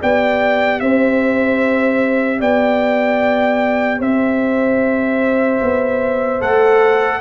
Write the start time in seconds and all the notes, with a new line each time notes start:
0.00 B3 G4 D5 G5
0.81 C4 C5 E5
2.40 B3 D5 G5
4.00 C4 C5 E5
5.62 B3
6.40 A3 A4 F#5